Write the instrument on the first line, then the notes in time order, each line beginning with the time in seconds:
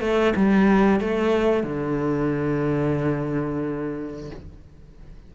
cello
0.00 A3
0.36 G3
1.00 A3
1.63 D3